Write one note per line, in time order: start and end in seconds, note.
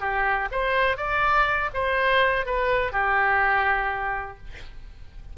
0.00 0.48 G4
0.51 0.97 C5
0.97 1.69 D5
1.74 2.45 C5
2.45 2.92 B4
2.92 4.37 G4